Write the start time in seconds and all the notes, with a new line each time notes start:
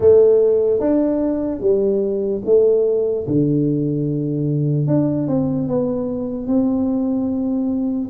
0.00 A3
0.80 D4
1.60 G3
2.45 A3
3.27 D3
4.87 D4
5.27 C4
5.68 B3
6.47 C4